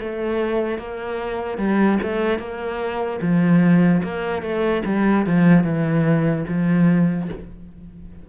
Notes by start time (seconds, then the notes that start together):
0.00 A3
0.79 A#3
1.58 G3
2.03 A3
2.39 A#3
3.21 F3
4.04 A#3
4.42 A3
4.86 G3
5.26 F3
5.64 E3
6.48 F3